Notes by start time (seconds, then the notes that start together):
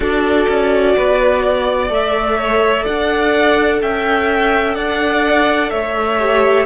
0.00 D4 F#4 A4 D5
0.48 C#4
0.96 B3 B4
1.42 D5
1.89 A3 A4 E5
2.37 C#5
2.83 D4 D5 F#5
3.81 C#4 E5 G5
4.75 D4 D5 F#5
5.69 A3 C#5 E5
6.19 G4